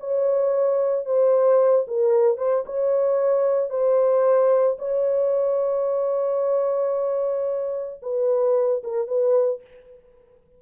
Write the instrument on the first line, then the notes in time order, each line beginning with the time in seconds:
horn
0.00 C#5
1.06 C5
1.87 A#4
2.38 C5
2.66 C#5
3.70 C5
4.79 C#5
8.02 B4
8.83 A#4
9.08 B4